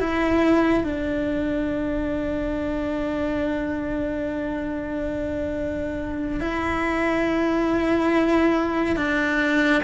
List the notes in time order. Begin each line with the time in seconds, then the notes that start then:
0.00 E4
0.84 D4
6.41 E4
8.96 D4